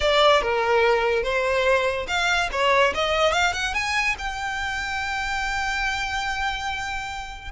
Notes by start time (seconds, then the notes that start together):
0.00 D5
0.41 A#4
1.23 C5
2.07 F5
2.52 C#5
2.94 D#5
3.32 F5
3.53 F#5
3.74 G#5
4.18 G5